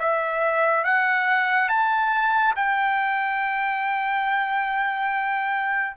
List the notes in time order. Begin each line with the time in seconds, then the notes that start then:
0.00 E5
0.85 F#5
1.69 A5
2.56 G5